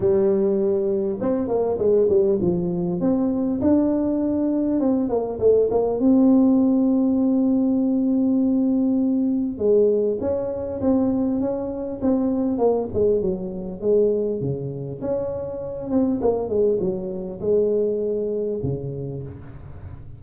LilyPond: \new Staff \with { instrumentName = "tuba" } { \time 4/4 \tempo 4 = 100 g2 c'8 ais8 gis8 g8 | f4 c'4 d'2 | c'8 ais8 a8 ais8 c'2~ | c'1 |
gis4 cis'4 c'4 cis'4 | c'4 ais8 gis8 fis4 gis4 | cis4 cis'4. c'8 ais8 gis8 | fis4 gis2 cis4 | }